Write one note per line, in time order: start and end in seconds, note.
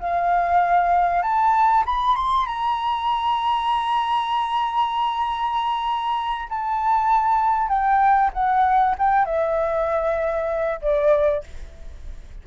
0.00 1.23 F5
1.23 1.85 A5
1.86 2.16 B5
2.16 2.47 C6
2.47 6.49 A#5
6.50 7.69 A5
7.69 8.31 G5
8.34 8.96 F#5
8.99 9.26 G5
9.26 10.81 E5
10.82 11.44 D5